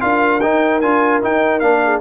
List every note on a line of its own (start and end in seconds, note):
0.00 0.43 D4
0.00 0.40 F4
0.00 1.82 A#4
0.00 0.40 F5
0.40 0.81 D#4
0.40 0.82 D#4
0.40 0.80 G5
0.80 1.22 D4
0.80 1.21 F4
0.80 1.20 G#5
1.21 1.61 D#4
1.21 1.59 G5
1.59 2.01 A#3
1.59 2.01 D4
1.59 1.99 F5
1.83 2.01 G#4